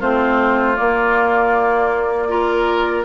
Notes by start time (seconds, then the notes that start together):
0.00 A3 C4 F4 C5
0.75 A#3 D5
2.28 F4 A#4